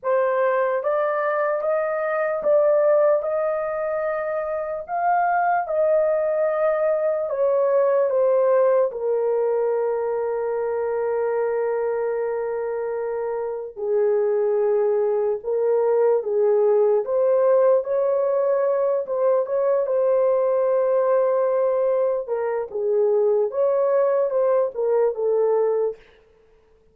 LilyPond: \new Staff \with { instrumentName = "horn" } { \time 4/4 \tempo 4 = 74 c''4 d''4 dis''4 d''4 | dis''2 f''4 dis''4~ | dis''4 cis''4 c''4 ais'4~ | ais'1~ |
ais'4 gis'2 ais'4 | gis'4 c''4 cis''4. c''8 | cis''8 c''2. ais'8 | gis'4 cis''4 c''8 ais'8 a'4 | }